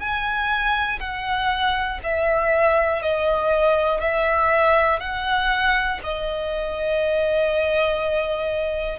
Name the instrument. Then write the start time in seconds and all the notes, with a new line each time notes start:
violin
0.00 G#5
1.00 F#5
2.04 E5
3.03 D#5
4.01 E5
5.00 F#5
6.04 D#5